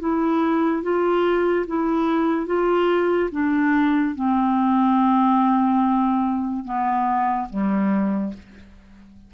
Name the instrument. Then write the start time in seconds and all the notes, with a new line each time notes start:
clarinet
0.00 E4
0.83 F4
1.67 E4
2.47 F4
3.32 D4
4.15 C4
6.65 B3
7.50 G3